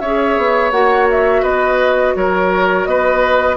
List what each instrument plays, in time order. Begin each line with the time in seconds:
0.00 bassoon C#4, oboe C#5, flute E5
0.06 clarinet G#4
0.38 bassoon B3
0.72 bassoon A#3, clarinet F#4, flute F#5
1.11 flute E5
1.43 bassoon B3, oboe B4, flute D#5
2.16 bassoon F#3, oboe A#4, flute C#5
2.86 bassoon B3, oboe B4, flute D#5